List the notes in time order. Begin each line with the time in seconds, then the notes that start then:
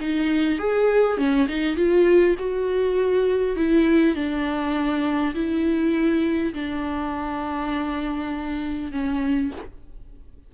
0.00 D#4
0.59 G#4
1.17 C#4
1.48 D#4
1.77 F4
2.39 F#4
3.56 E4
4.16 D4
5.35 E4
6.54 D4
8.92 C#4